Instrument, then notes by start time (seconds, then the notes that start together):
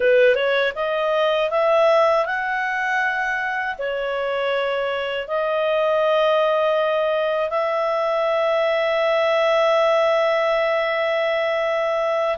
clarinet
0.00 B4
0.35 C#5
0.75 D#5
1.50 E5
2.25 F#5
3.78 C#5
5.27 D#5
7.50 E5